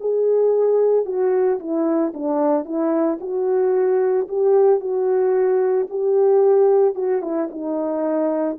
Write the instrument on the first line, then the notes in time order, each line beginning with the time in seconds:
horn
0.00 G#4
1.06 F#4
1.60 E4
2.14 D4
2.65 E4
3.20 F#4
4.28 G4
4.80 F#4
5.90 G4
6.95 F#4
7.22 E4
7.50 D#4